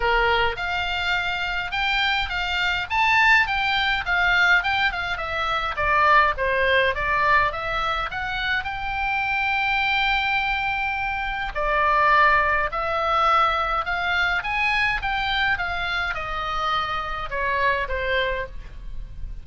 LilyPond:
\new Staff \with { instrumentName = "oboe" } { \time 4/4 \tempo 4 = 104 ais'4 f''2 g''4 | f''4 a''4 g''4 f''4 | g''8 f''8 e''4 d''4 c''4 | d''4 e''4 fis''4 g''4~ |
g''1 | d''2 e''2 | f''4 gis''4 g''4 f''4 | dis''2 cis''4 c''4 | }